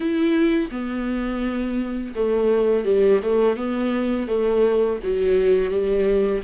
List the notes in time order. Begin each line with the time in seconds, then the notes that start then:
0.00 E4
0.71 B3
2.15 A3
2.84 G3
3.22 A3
3.56 B3
4.27 A3
5.03 F#3
5.70 G3